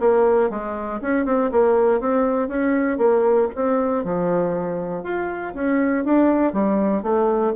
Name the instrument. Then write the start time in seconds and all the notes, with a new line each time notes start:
bassoon
0.00 A#3
0.50 G#3
1.02 C#4
1.26 C4
1.52 A#3
2.00 C4
2.48 C#4
2.98 A#3
3.55 C4
4.05 F3
5.04 F4
5.54 C#4
6.05 D4
6.53 G3
7.03 A3